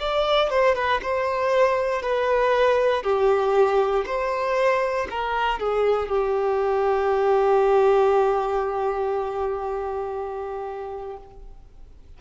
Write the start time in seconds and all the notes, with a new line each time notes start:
0.00 D5
0.50 C5
0.75 B4
1.03 C5
2.02 B4
3.03 G4
4.06 C5
5.10 A#4
5.59 G#4
6.09 G4